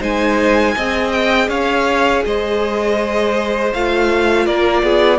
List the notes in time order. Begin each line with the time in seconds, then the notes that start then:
0.00 G#3 D#4 C5 G#5
0.76 C4 G#4 D#5
1.11 G5
1.48 C#4 C#5 F5
2.25 G#3 C5 D#5
3.73 A3 F4 F5
4.45 A#3 A#4 D5
4.82 B3 G#4